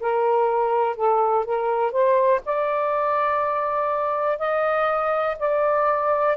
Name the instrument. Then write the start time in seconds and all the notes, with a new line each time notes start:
saxophone
0.00 A#4
0.96 A4
1.45 A#4
1.92 C5
2.45 D5
4.39 D#5
5.39 D5